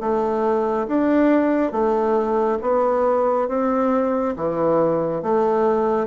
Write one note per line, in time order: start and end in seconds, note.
0.00 0.87 A3
0.87 1.72 D4
1.72 2.58 A3
2.61 3.48 B3
3.48 4.35 C4
4.36 5.23 E3
5.23 6.07 A3